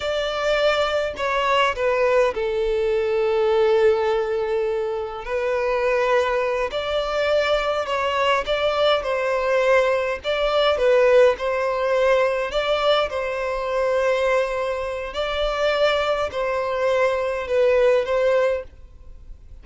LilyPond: \new Staff \with { instrumentName = "violin" } { \time 4/4 \tempo 4 = 103 d''2 cis''4 b'4 | a'1~ | a'4 b'2~ b'8 d''8~ | d''4. cis''4 d''4 c''8~ |
c''4. d''4 b'4 c''8~ | c''4. d''4 c''4.~ | c''2 d''2 | c''2 b'4 c''4 | }